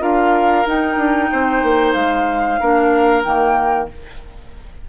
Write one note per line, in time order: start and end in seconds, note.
0.00 0.66 D4
0.00 0.65 F4
0.00 1.30 A#4
0.00 0.67 F5
0.66 0.97 D#4
0.66 2.60 D#4
0.66 1.94 G5
0.97 1.29 D4
1.32 1.63 C4
1.32 2.60 C5
1.63 1.95 A#3
1.94 2.60 G#3
1.94 3.23 F5
2.60 3.25 A#3
2.60 3.24 D4
2.60 3.89 A#4
3.24 3.89 D#3
3.24 3.89 A#3
3.24 3.88 G5